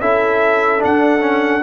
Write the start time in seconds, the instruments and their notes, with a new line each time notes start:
0.00 tuba C#4, trombone E4, horn A4, trumpet E5
0.79 trombone D4, tuba D4, trumpet F#5
1.20 trombone C#4